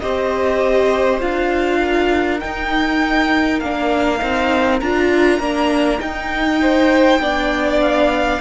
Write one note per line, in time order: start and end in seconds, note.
0.00 1.23 C4
0.00 1.20 G4
0.00 1.80 C5
0.00 1.20 D#5
1.20 2.43 D4
1.20 2.40 F4
1.20 2.40 F5
1.80 6.60 A#4
2.40 3.62 D#4
2.40 3.60 G5
3.60 4.21 A#3
3.60 4.19 D4
3.60 4.80 F5
4.19 4.82 C4
4.19 4.79 D#4
4.80 5.40 D4
4.80 5.42 F4
4.80 6.00 A#5
5.40 6.00 A#3
5.40 5.99 D4
5.99 7.19 D#4
5.99 7.20 D#4
5.99 7.81 G5
6.62 7.22 C5
7.20 8.40 B3
7.20 8.40 D4
7.20 8.42 D5
7.82 8.42 F5